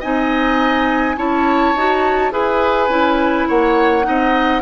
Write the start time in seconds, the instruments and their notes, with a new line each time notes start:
0.00 bassoon C4, clarinet D#4, oboe D#5, flute G#5
1.16 bassoon C#4, clarinet E4, oboe C#5, flute A5
1.74 bassoon D#4, clarinet F#4
2.31 bassoon E4, clarinet G#4, oboe B4, flute G#5
2.88 bassoon C#4, clarinet E4
3.48 bassoon A#3, oboe C#5, flute F#5
4.03 bassoon C4, clarinet D#4, oboe D#5